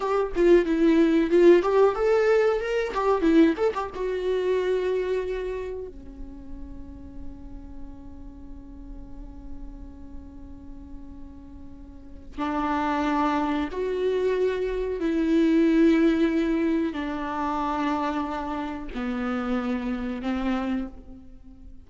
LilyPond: \new Staff \with { instrumentName = "viola" } { \time 4/4 \tempo 4 = 92 g'8 f'8 e'4 f'8 g'8 a'4 | ais'8 g'8 e'8 a'16 g'16 fis'2~ | fis'4 cis'2.~ | cis'1~ |
cis'2. d'4~ | d'4 fis'2 e'4~ | e'2 d'2~ | d'4 b2 c'4 | }